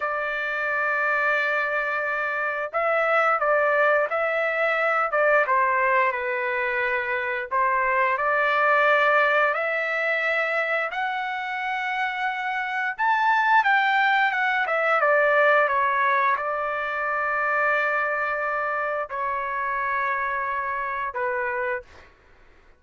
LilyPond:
\new Staff \with { instrumentName = "trumpet" } { \time 4/4 \tempo 4 = 88 d''1 | e''4 d''4 e''4. d''8 | c''4 b'2 c''4 | d''2 e''2 |
fis''2. a''4 | g''4 fis''8 e''8 d''4 cis''4 | d''1 | cis''2. b'4 | }